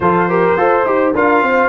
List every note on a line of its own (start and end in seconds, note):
0.00 0.53 F3
0.00 0.29 F4
0.00 0.29 A4
0.00 1.13 C5
0.29 0.57 G4
0.29 0.57 A#4
0.57 0.85 F4
0.57 0.86 A4
0.57 1.14 C5
0.85 1.13 D#4
0.85 1.14 G4
1.14 1.42 D4
1.14 1.68 F4
1.14 1.42 A#4
1.14 1.68 F5
1.42 1.68 C4
1.42 1.68 C5